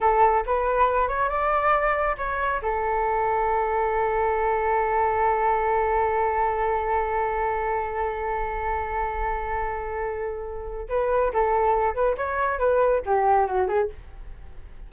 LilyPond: \new Staff \with { instrumentName = "flute" } { \time 4/4 \tempo 4 = 138 a'4 b'4. cis''8 d''4~ | d''4 cis''4 a'2~ | a'1~ | a'1~ |
a'1~ | a'1~ | a'4 b'4 a'4. b'8 | cis''4 b'4 g'4 fis'8 gis'8 | }